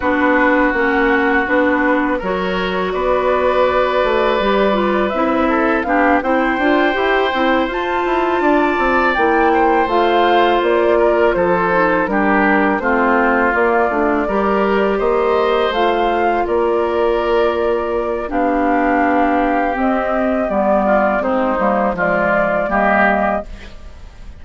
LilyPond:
<<
  \new Staff \with { instrumentName = "flute" } { \time 4/4 \tempo 4 = 82 b'4 fis''4 b'4 cis''4 | d''2. e''4 | f''8 g''2 a''4.~ | a''8 g''4 f''4 d''4 c''8~ |
c''8 ais'4 c''4 d''4.~ | d''8 dis''4 f''4 d''4.~ | d''4 f''2 dis''4 | d''4 c''4 d''4 dis''4 | }
  \new Staff \with { instrumentName = "oboe" } { \time 4/4 fis'2. ais'4 | b'2.~ b'8 a'8 | g'8 c''2. d''8~ | d''4 c''2 ais'8 a'8~ |
a'8 g'4 f'2 ais'8~ | ais'8 c''2 ais'4.~ | ais'4 g'2.~ | g'8 f'8 dis'4 f'4 g'4 | }
  \new Staff \with { instrumentName = "clarinet" } { \time 4/4 d'4 cis'4 d'4 fis'4~ | fis'2 g'8 f'8 e'4 | d'8 e'8 f'8 g'8 e'8 f'4.~ | f'8 e'4 f'2~ f'8 |
dis'8 d'4 c'4 ais8 d'8 g'8~ | g'4. f'2~ f'8~ | f'4 d'2 c'4 | b4 c'8 ais8 gis4 ais4 | }
  \new Staff \with { instrumentName = "bassoon" } { \time 4/4 b4 ais4 b4 fis4 | b4. a8 g4 c'4 | b8 c'8 d'8 e'8 c'8 f'8 e'8 d'8 | c'8 ais4 a4 ais4 f8~ |
f8 g4 a4 ais8 a8 g8~ | g8 ais4 a4 ais4.~ | ais4 b2 c'4 | g4 gis8 g8 f4 g4 | }
>>